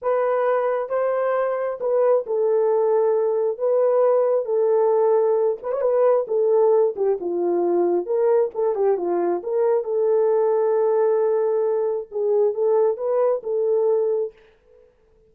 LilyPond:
\new Staff \with { instrumentName = "horn" } { \time 4/4 \tempo 4 = 134 b'2 c''2 | b'4 a'2. | b'2 a'2~ | a'8 b'16 cis''16 b'4 a'4. g'8 |
f'2 ais'4 a'8 g'8 | f'4 ais'4 a'2~ | a'2. gis'4 | a'4 b'4 a'2 | }